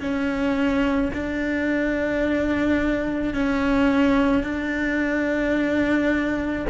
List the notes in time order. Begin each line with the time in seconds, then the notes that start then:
0.00 C#4
1.13 D4
3.34 C#4
4.43 D4